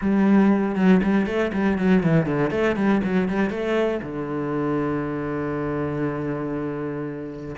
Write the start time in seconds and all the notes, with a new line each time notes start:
0.01 G3
0.75 F#3
1.03 G3
1.26 A3
1.52 G3
1.78 F#3
2.03 E3
2.26 D3
2.50 A3
2.76 G3
3.03 F#3
3.28 G3
3.50 A3
4.02 D3